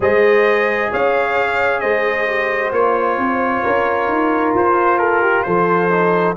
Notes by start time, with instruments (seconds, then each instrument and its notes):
0.00 tuba G#3, trombone G#4, horn C5, trumpet D#5
0.91 tuba C#4, horn C#5, trumpet F5
1.80 tuba G#3, horn C5, trumpet D#5
2.27 trombone G4
2.72 tuba A#3, trombone F4, trumpet C#5
3.17 tuba C4
3.63 tuba C#4, horn A#4
4.08 tuba D#4
4.54 tuba F4, trumpet C5
4.98 horn A4, trumpet A#4
5.21 horn G4
5.43 tuba F3, horn A4, trumpet C5
5.90 trombone D#4